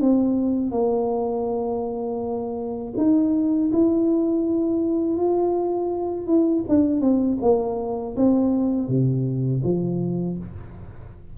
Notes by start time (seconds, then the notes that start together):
0.00 C4
0.71 A#3
2.97 D#4
3.72 E4
5.16 F4
6.27 E4
6.68 D4
7.00 C4
7.41 A#3
8.16 C4
8.88 C3
9.63 F3